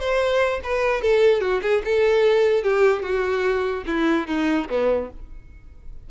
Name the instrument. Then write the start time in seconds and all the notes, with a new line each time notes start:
violin
0.00 C5
0.64 B4
1.02 A4
1.41 F#4
1.62 G#4
1.85 A4
2.64 G4
3.03 F#4
3.87 E4
4.28 D#4
4.70 B3